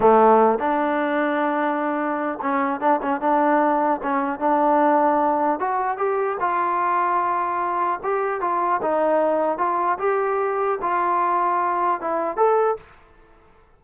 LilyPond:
\new Staff \with { instrumentName = "trombone" } { \time 4/4 \tempo 4 = 150 a4. d'2~ d'8~ | d'2 cis'4 d'8 cis'8 | d'2 cis'4 d'4~ | d'2 fis'4 g'4 |
f'1 | g'4 f'4 dis'2 | f'4 g'2 f'4~ | f'2 e'4 a'4 | }